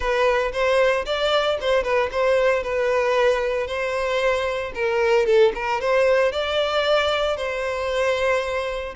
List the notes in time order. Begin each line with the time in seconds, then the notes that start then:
0.00 B4
0.52 C5
1.05 D5
1.60 C5
1.83 B4
2.11 C5
2.63 B4
3.67 C5
4.74 A#4
5.26 A4
5.54 A#4
5.80 C5
6.32 D5
7.36 C5